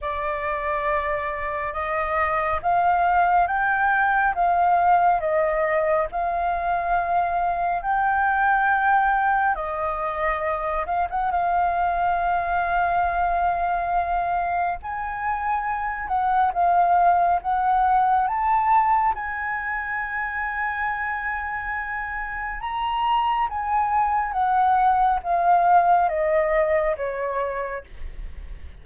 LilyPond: \new Staff \with { instrumentName = "flute" } { \time 4/4 \tempo 4 = 69 d''2 dis''4 f''4 | g''4 f''4 dis''4 f''4~ | f''4 g''2 dis''4~ | dis''8 f''16 fis''16 f''2.~ |
f''4 gis''4. fis''8 f''4 | fis''4 a''4 gis''2~ | gis''2 ais''4 gis''4 | fis''4 f''4 dis''4 cis''4 | }